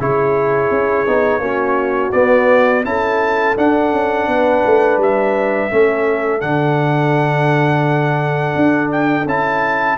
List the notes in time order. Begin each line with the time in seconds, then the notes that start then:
0.00 C#3 E4 G#4 C#5
0.70 C#4
1.07 B3 D#4
1.39 A#3 C#4 F#4
2.12 B3 D5
2.85 C#4 E4 A4 A5
3.57 D4 F#5
3.92 C#4
4.27 B3 B4
4.66 A3
4.97 G3 E5
5.71 A3 C#4 A4
6.41 D3 D4 F#5
8.56 D4
8.92 G5
9.26 C#4 E4 A5